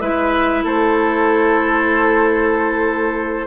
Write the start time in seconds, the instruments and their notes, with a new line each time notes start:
0.00 bassoon G#3, clarinet E4, oboe B4, flute E5
0.64 bassoon A3, oboe A4, flute C5